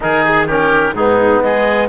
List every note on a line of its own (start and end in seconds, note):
0.00 0.93 D#3
0.00 0.47 D#4
0.00 0.47 G#4
0.00 0.25 A#4
0.25 0.48 G#4
0.47 0.94 C#4
0.47 0.94 G4
0.47 0.94 A#4
0.93 1.41 G#2
0.93 1.88 B3
0.93 1.43 D#4
0.93 1.41 G#4
1.41 1.88 G#3
1.41 1.88 G#4
1.41 1.88 D#5